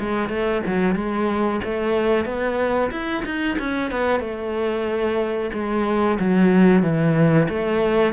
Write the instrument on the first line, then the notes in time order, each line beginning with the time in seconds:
cello
0.00 G#3
0.30 A3
0.67 F#3
0.95 G#3
1.65 A3
2.26 B3
2.91 E4
3.25 D#4
3.59 C#4
3.92 B3
4.20 A3
5.53 G#3
6.20 F#3
6.83 E3
7.49 A3